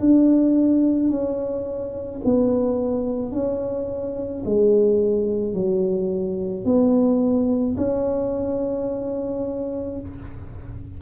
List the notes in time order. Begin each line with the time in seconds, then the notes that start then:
0.00 D4
1.10 C#4
2.25 B3
3.32 C#4
4.45 G#3
5.54 F#3
6.65 B3
7.77 C#4